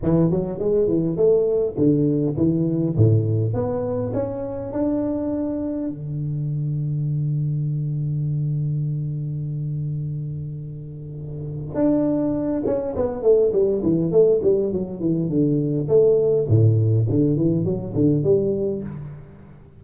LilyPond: \new Staff \with { instrumentName = "tuba" } { \time 4/4 \tempo 4 = 102 e8 fis8 gis8 e8 a4 d4 | e4 a,4 b4 cis'4 | d'2 d2~ | d1~ |
d1 | d'4. cis'8 b8 a8 g8 e8 | a8 g8 fis8 e8 d4 a4 | a,4 d8 e8 fis8 d8 g4 | }